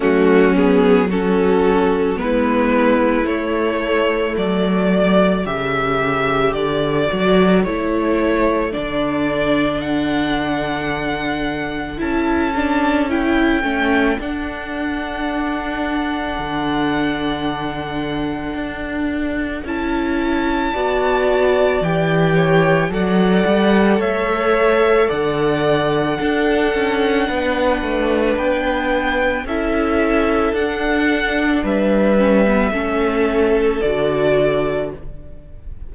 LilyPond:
<<
  \new Staff \with { instrumentName = "violin" } { \time 4/4 \tempo 4 = 55 fis'8 gis'8 a'4 b'4 cis''4 | d''4 e''4 d''4 cis''4 | d''4 fis''2 a''4 | g''4 fis''2.~ |
fis''2 a''2 | g''4 fis''4 e''4 fis''4~ | fis''2 g''4 e''4 | fis''4 e''2 d''4 | }
  \new Staff \with { instrumentName = "violin" } { \time 4/4 cis'4 fis'4 e'2 | a'8 d''8 a'2.~ | a'1~ | a'1~ |
a'2. d''4~ | d''8 cis''8 d''4 cis''4 d''4 | a'4 b'2 a'4~ | a'4 b'4 a'2 | }
  \new Staff \with { instrumentName = "viola" } { \time 4/4 a8 b8 cis'4 b4 a4~ | a4 g'4. fis'8 e'4 | d'2. e'8 d'8 | e'8 cis'8 d'2.~ |
d'2 e'4 fis'4 | g'4 a'2. | d'2. e'4 | d'4. cis'16 b16 cis'4 fis'4 | }
  \new Staff \with { instrumentName = "cello" } { \time 4/4 fis2 gis4 a4 | fis4 cis4 d8 fis8 a4 | d2. cis'4~ | cis'8 a8 d'2 d4~ |
d4 d'4 cis'4 b4 | e4 fis8 g8 a4 d4 | d'8 cis'8 b8 a8 b4 cis'4 | d'4 g4 a4 d4 | }
>>